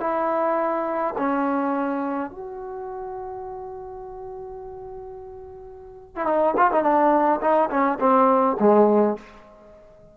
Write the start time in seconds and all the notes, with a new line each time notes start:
0.00 E4
1.18 C#4
2.30 F#4
6.16 E4
6.25 D#4
6.57 F4
6.72 D#4
6.83 D4
7.41 D#4
7.70 C#4
8.00 C4
8.60 G#3